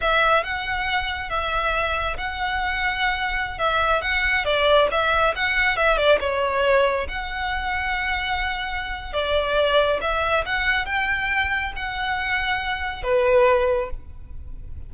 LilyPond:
\new Staff \with { instrumentName = "violin" } { \time 4/4 \tempo 4 = 138 e''4 fis''2 e''4~ | e''4 fis''2.~ | fis''16 e''4 fis''4 d''4 e''8.~ | e''16 fis''4 e''8 d''8 cis''4.~ cis''16~ |
cis''16 fis''2.~ fis''8.~ | fis''4 d''2 e''4 | fis''4 g''2 fis''4~ | fis''2 b'2 | }